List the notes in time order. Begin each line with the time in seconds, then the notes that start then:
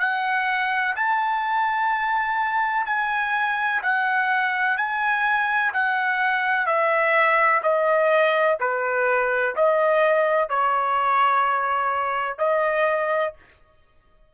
0.00 F#5
0.96 A5
2.87 G#5
3.83 F#5
4.77 G#5
5.74 F#5
6.67 E5
7.63 D#5
8.60 B4
9.56 D#5
10.49 C#5
12.39 D#5